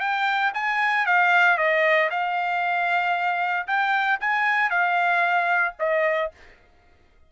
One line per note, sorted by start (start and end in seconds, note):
0.00 0.52 G5
0.54 1.06 G#5
1.06 1.57 F5
1.57 2.10 D#5
2.10 3.67 F5
3.67 4.19 G5
4.20 4.70 G#5
4.70 5.74 F5
5.79 6.32 D#5